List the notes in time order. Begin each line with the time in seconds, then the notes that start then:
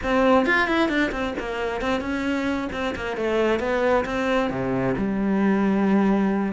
0.03 C4
0.46 F4
0.67 E4
0.88 D4
1.11 C4
1.39 A#3
1.81 C4
2.01 C#4
2.72 C4
2.95 A#3
3.16 A3
3.59 B3
4.05 C4
4.50 C3
4.97 G3